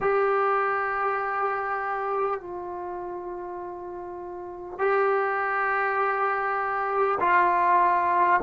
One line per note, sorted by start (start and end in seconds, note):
0.01 2.40 G4
2.40 4.78 F4
4.78 7.18 G4
7.20 8.40 F4